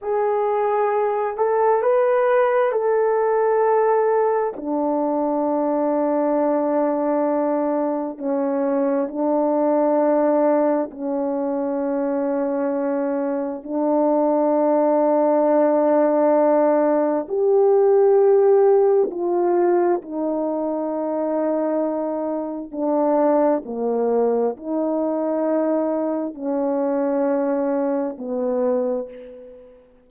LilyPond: \new Staff \with { instrumentName = "horn" } { \time 4/4 \tempo 4 = 66 gis'4. a'8 b'4 a'4~ | a'4 d'2.~ | d'4 cis'4 d'2 | cis'2. d'4~ |
d'2. g'4~ | g'4 f'4 dis'2~ | dis'4 d'4 ais4 dis'4~ | dis'4 cis'2 b4 | }